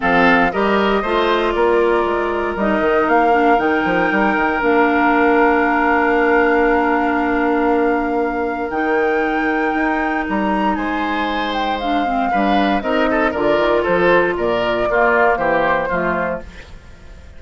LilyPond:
<<
  \new Staff \with { instrumentName = "flute" } { \time 4/4 \tempo 4 = 117 f''4 dis''2 d''4~ | d''4 dis''4 f''4 g''4~ | g''4 f''2.~ | f''1~ |
f''4 g''2. | ais''4 gis''4. g''8 f''4~ | f''4 dis''4 d''4 c''4 | d''2 c''2 | }
  \new Staff \with { instrumentName = "oboe" } { \time 4/4 a'4 ais'4 c''4 ais'4~ | ais'1~ | ais'1~ | ais'1~ |
ais'1~ | ais'4 c''2. | b'4 ais'8 a'8 ais'4 a'4 | ais'4 f'4 g'4 f'4 | }
  \new Staff \with { instrumentName = "clarinet" } { \time 4/4 c'4 g'4 f'2~ | f'4 dis'4. d'8 dis'4~ | dis'4 d'2.~ | d'1~ |
d'4 dis'2.~ | dis'2. d'8 c'8 | d'4 dis'4 f'2~ | f'4 ais2 a4 | }
  \new Staff \with { instrumentName = "bassoon" } { \time 4/4 f4 g4 a4 ais4 | gis4 g8 dis8 ais4 dis8 f8 | g8 dis8 ais2.~ | ais1~ |
ais4 dis2 dis'4 | g4 gis2. | g4 c'4 d8 dis8 f4 | ais,4 ais4 e4 f4 | }
>>